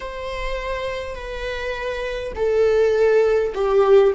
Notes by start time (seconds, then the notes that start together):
0.00 C5
1.15 B4
2.35 A4
3.54 G4